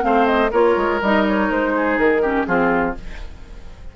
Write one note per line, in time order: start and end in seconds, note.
0.00 0.52 A3
0.00 0.48 C4
0.00 0.51 C5
0.00 0.26 F5
0.26 0.50 D#5
0.51 0.76 A#3
0.51 1.01 F4
0.51 1.72 A#4
0.51 1.01 C#5
0.76 1.00 G#3
1.01 1.50 G3
1.01 2.22 D#4
1.01 1.26 D#5
1.27 1.51 C#5
1.50 1.98 G#3
1.50 1.98 C5
1.76 2.22 G#4
1.98 2.46 D#3
1.98 2.46 A#4
2.22 2.46 C#4
2.22 2.46 G4
2.46 2.95 F3
2.46 2.95 C4
2.46 2.96 F4
2.46 2.94 G#4